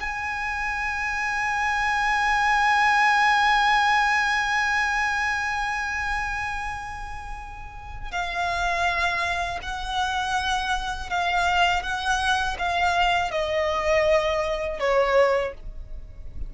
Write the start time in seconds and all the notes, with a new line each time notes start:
0.00 G#5
8.11 F5
9.62 F#5
11.09 F5
11.82 F#5
12.59 F5
13.31 D#5
14.79 C#5